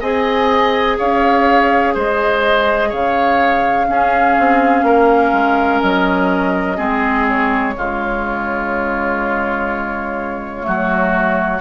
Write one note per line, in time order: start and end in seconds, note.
0.00 0.98 C4
0.00 3.88 G#4
0.00 0.97 D#5
0.00 0.98 G#5
0.97 1.95 C#4
0.97 1.94 C#5
0.97 1.95 F5
1.94 2.92 G#3
1.94 2.89 C5
1.94 2.91 D#5
2.89 3.88 C#3
2.89 3.85 C#5
2.89 5.81 F5
3.88 6.77 C#4
3.88 4.37 C#4
3.88 4.85 G#4
4.39 4.82 C4
4.82 5.31 A#3
4.82 6.77 A#4
5.32 5.81 G#3
5.81 6.78 F#3
5.81 7.26 D#5
6.77 7.75 G#3
6.77 7.74 C4
6.77 7.73 G#4
7.28 11.61 C#5
7.76 10.67 C#3
7.76 10.62 G#3
7.76 10.66 F4
10.62 11.61 F#3
10.62 11.58 A3
10.62 11.61 F#4